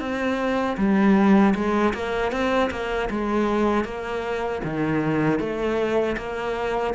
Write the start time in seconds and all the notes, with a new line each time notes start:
0.00 C4
0.78 G3
1.55 G#3
1.94 A#3
2.32 C4
2.71 A#3
3.10 G#3
3.85 A#3
4.64 D#3
5.40 A3
6.17 A#3